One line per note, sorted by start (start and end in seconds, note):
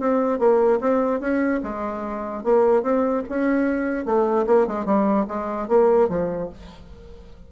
0.00 0.39 C4
0.39 0.80 A#3
0.81 1.20 C4
1.20 1.61 C#4
1.63 2.44 G#3
2.44 2.83 A#3
2.83 3.23 C4
3.29 4.06 C#4
4.06 4.46 A3
4.47 4.67 A#3
4.67 4.85 G#3
4.85 5.26 G3
5.28 5.68 G#3
5.68 6.09 A#3
6.09 6.50 F3